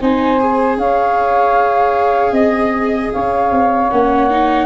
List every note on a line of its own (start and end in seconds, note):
0.00 0.77 C4
0.00 0.40 D#4
0.00 0.78 C5
0.00 0.79 G#5
0.40 3.90 G#4
0.77 2.32 C#4
0.77 2.32 C#5
0.77 2.34 F5
2.32 3.10 C4
2.32 3.10 D#5
2.32 3.12 D#5
3.12 3.51 C#4
3.12 4.66 C#5
3.12 3.90 F5
3.51 3.90 C4
3.90 4.66 A#3
3.90 4.30 C#4
3.90 4.66 F#5
4.30 4.66 D#4